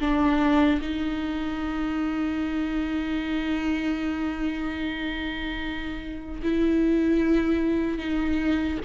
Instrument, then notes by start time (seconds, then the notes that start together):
viola
0.00 D4
0.81 D#4
6.42 E4
7.98 D#4